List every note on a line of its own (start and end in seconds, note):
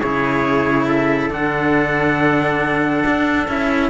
0.00 1.30 C#3
0.00 1.30 E4
0.00 0.87 G#4
0.00 0.88 C#5
0.88 3.90 A4
0.88 1.32 E5
1.30 3.04 D3
1.30 3.48 D4
1.30 3.49 F#5
3.06 3.48 D4
3.48 3.90 C#4
3.48 3.90 E4
3.48 3.90 E5